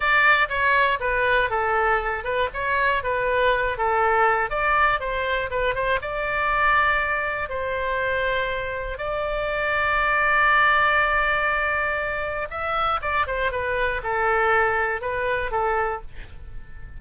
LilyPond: \new Staff \with { instrumentName = "oboe" } { \time 4/4 \tempo 4 = 120 d''4 cis''4 b'4 a'4~ | a'8 b'8 cis''4 b'4. a'8~ | a'4 d''4 c''4 b'8 c''8 | d''2. c''4~ |
c''2 d''2~ | d''1~ | d''4 e''4 d''8 c''8 b'4 | a'2 b'4 a'4 | }